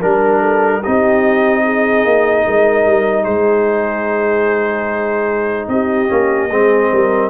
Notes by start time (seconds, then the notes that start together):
0.00 G3 D4 A#4
0.40 A4
0.81 C4 D#4 G4 D#5
1.64 G#4
2.05 A#3
2.47 G#3 A#4
2.86 G3
3.23 G#3 G#4 C5
5.68 C4 G4 D#5
6.09 A#3 C#4
6.51 G#3 C4 G#4
6.91 G3 A#4